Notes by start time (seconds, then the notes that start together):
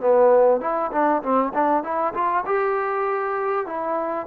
0.00 B3
0.61 E4
0.92 D4
1.22 C4
1.54 D4
1.83 E4
2.14 F4
2.46 G4
3.66 E4